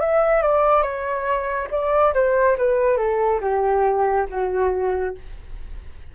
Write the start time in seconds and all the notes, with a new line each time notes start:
0.00 E5
0.42 D5
0.83 C#5
1.71 D5
2.14 C5
2.58 B4
2.98 A4
3.42 G4
4.30 F#4